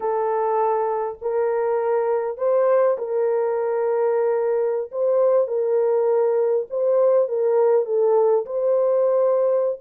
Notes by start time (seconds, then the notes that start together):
0.00 A4
1.21 A#4
2.37 C5
2.98 A#4
4.91 C5
5.47 A#4
6.70 C5
7.28 A#4
7.86 A4
8.45 C5